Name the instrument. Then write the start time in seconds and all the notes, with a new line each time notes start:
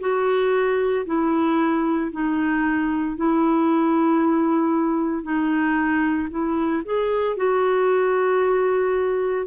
clarinet
0.00 F#4
1.06 E4
2.12 D#4
3.16 E4
5.23 D#4
6.30 E4
6.85 G#4
7.36 F#4